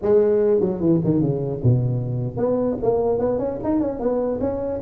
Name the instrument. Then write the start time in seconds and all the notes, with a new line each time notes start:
tuba
0.02 G#3
0.60 F#3
0.80 E3
1.04 D#3
1.21 C#3
1.63 B2
2.36 B3
2.82 A#3
3.19 B3
3.38 C#4
3.63 D#4
3.80 C#4
3.99 B3
4.40 C#4